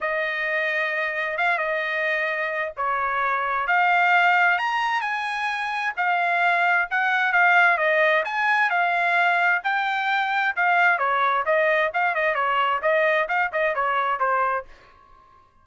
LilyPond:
\new Staff \with { instrumentName = "trumpet" } { \time 4/4 \tempo 4 = 131 dis''2. f''8 dis''8~ | dis''2 cis''2 | f''2 ais''4 gis''4~ | gis''4 f''2 fis''4 |
f''4 dis''4 gis''4 f''4~ | f''4 g''2 f''4 | cis''4 dis''4 f''8 dis''8 cis''4 | dis''4 f''8 dis''8 cis''4 c''4 | }